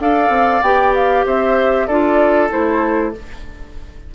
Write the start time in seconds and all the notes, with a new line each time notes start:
0.00 D4 A4 D5 F5
0.30 C4
0.63 B3 G4 G5
0.95 F5
1.26 C4 C5 E5
1.87 D4 F4 A4 D5
2.50 A3 E4 C5